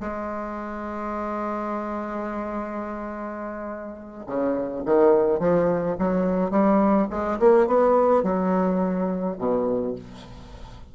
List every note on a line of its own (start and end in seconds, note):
0.00 4.25 G#3
4.27 4.83 C#3
4.85 5.39 D#3
5.39 5.96 F3
5.98 6.50 F#3
6.50 7.07 G3
7.10 7.38 G#3
7.39 7.67 A#3
7.67 8.23 B3
8.23 9.36 F#3
9.38 9.95 B2